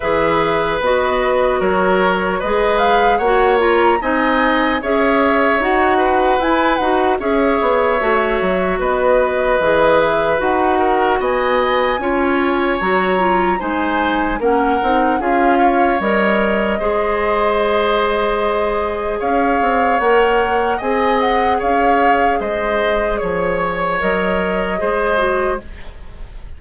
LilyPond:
<<
  \new Staff \with { instrumentName = "flute" } { \time 4/4 \tempo 4 = 75 e''4 dis''4 cis''4 dis''8 f''8 | fis''8 ais''8 gis''4 e''4 fis''4 | gis''8 fis''8 e''2 dis''4~ | dis''8 e''8 fis''4 gis''2 |
ais''4 gis''4 fis''4 f''4 | dis''1 | f''4 fis''4 gis''8 fis''8 f''4 | dis''4 cis''4 dis''2 | }
  \new Staff \with { instrumentName = "oboe" } { \time 4/4 b'2 ais'4 b'4 | cis''4 dis''4 cis''4. b'8~ | b'4 cis''2 b'4~ | b'4. ais'8 dis''4 cis''4~ |
cis''4 c''4 ais'4 gis'8 cis''8~ | cis''4 c''2. | cis''2 dis''4 cis''4 | c''4 cis''2 c''4 | }
  \new Staff \with { instrumentName = "clarinet" } { \time 4/4 gis'4 fis'2 gis'4 | fis'8 f'8 dis'4 gis'4 fis'4 | e'8 fis'8 gis'4 fis'2 | gis'4 fis'2 f'4 |
fis'8 f'8 dis'4 cis'8 dis'8 f'4 | ais'4 gis'2.~ | gis'4 ais'4 gis'2~ | gis'2 ais'4 gis'8 fis'8 | }
  \new Staff \with { instrumentName = "bassoon" } { \time 4/4 e4 b4 fis4 gis4 | ais4 c'4 cis'4 dis'4 | e'8 dis'8 cis'8 b8 a8 fis8 b4 | e4 dis'4 b4 cis'4 |
fis4 gis4 ais8 c'8 cis'4 | g4 gis2. | cis'8 c'8 ais4 c'4 cis'4 | gis4 f4 fis4 gis4 | }
>>